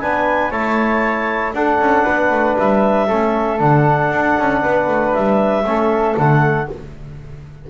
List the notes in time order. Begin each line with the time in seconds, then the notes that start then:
0.00 B3 D4 B4 G#5
0.51 A3 E4 C#5 A5
1.53 D4 A4 F#5
1.79 C#4
2.04 B3 B4
2.31 A3
2.58 G3 E5
3.07 A3 C#4 A4
3.59 D3 D4 F#5
4.11 D4
4.38 C#4
4.61 B3 B4
4.88 A3
5.13 G3 E5
5.63 A3 C#4 A4
6.16 D3 A3 F#5